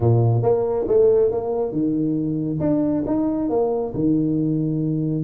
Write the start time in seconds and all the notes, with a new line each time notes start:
0.00 A#2
0.42 A#3
0.87 A3
1.31 A#3
1.72 D#3
2.60 D4
3.06 D#4
3.49 A#3
3.94 D#3